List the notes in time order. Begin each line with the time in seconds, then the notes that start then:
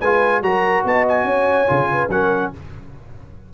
0.00 G#3 F4 B4 G#5
0.41 F#3 F#4 A#4 A#5
0.84 B3 D#5 A5
1.08 G#5
1.24 C#4 C#5
1.67 C#3 F4
1.92 B4
2.08 F#3 C#4 A#4 F#5